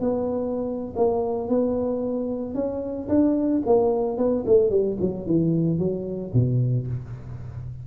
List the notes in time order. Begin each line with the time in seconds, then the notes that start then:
0.00 B3
0.96 A#3
1.48 B3
2.54 C#4
3.09 D4
3.66 A#3
4.17 B3
4.46 A3
4.70 G3
5.00 F#3
5.26 E3
5.78 F#3
6.33 B2